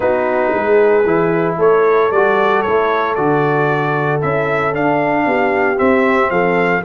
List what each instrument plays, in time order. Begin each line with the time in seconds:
0.00 tuba B3, trombone D#4, horn F#4, trumpet B4
0.53 tuba G#3, horn G#4
1.05 tuba E3, trombone E4
1.57 tuba A3, horn A4, trumpet C#5
2.11 tuba G3, trombone F#4, trumpet D5
2.62 tuba A3, trombone E4, trumpet C#5
3.15 tuba D3, trombone F#4, trumpet D5
4.21 tuba C#4, trombone E4, trumpet E5
4.72 trombone D4, tuba D4, trumpet F5
5.26 tuba B3, horn G4
5.75 trombone C4, tuba C4, trumpet E5
6.30 tuba F3, horn A4, trumpet F5